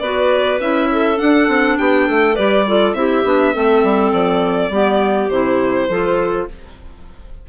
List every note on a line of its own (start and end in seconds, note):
0.00 0.60 B3
0.00 0.61 F#4
0.00 0.89 B4
0.00 0.59 D5
0.60 1.19 C#4
0.60 1.16 E4
0.60 1.19 E5
0.92 1.79 A4
1.16 2.34 D4
1.16 1.78 F#5
1.22 1.48 D4
1.48 1.77 C4
1.78 2.09 B3
1.78 2.07 G4
1.78 2.36 G5
2.07 2.38 A3
2.07 2.35 A4
2.35 2.94 G3
2.35 2.67 G4
2.35 2.64 B4
2.35 2.94 D5
2.68 2.95 F4
2.68 2.97 A4
2.94 3.24 C4
2.94 3.24 E4
2.94 3.54 G4
2.94 4.12 E5
3.25 3.54 B3
3.25 3.54 D4
3.54 3.84 A3
3.54 4.72 C4
3.54 4.72 A4
3.84 4.13 G3
4.13 4.70 F3
4.13 5.30 D5
4.70 5.29 G3
4.70 5.31 B3
4.70 5.89 G4
5.30 5.89 C3
5.30 5.90 E4
5.30 6.47 C5
5.89 6.48 F3
5.89 6.49 F4
5.89 6.48 A4